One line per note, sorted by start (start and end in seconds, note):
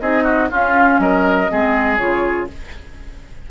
0.00 0.50 C4
0.00 0.49 D#4
0.00 0.24 G#4
0.00 0.50 D#5
0.24 0.48 F#4
0.49 1.48 C#4
0.49 0.99 C#4
0.49 1.00 F4
0.49 1.00 F5
0.99 1.48 F#3
0.99 1.51 A#4
0.99 1.97 D#5
1.48 2.00 G#3
1.48 1.98 C4
1.48 2.50 G#4
1.97 2.49 C#3
1.97 2.48 F4
1.97 2.47 C#5